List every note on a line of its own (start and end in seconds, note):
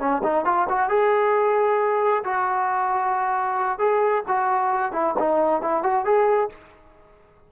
0.00 0.22 C#4
0.24 0.46 D#4
0.46 0.68 F4
0.69 0.89 F#4
0.89 2.24 G#4
2.25 3.79 F#4
3.79 4.24 G#4
4.28 4.93 F#4
4.93 5.15 E4
5.20 5.62 D#4
5.62 5.83 E4
5.83 6.05 F#4
6.05 6.50 G#4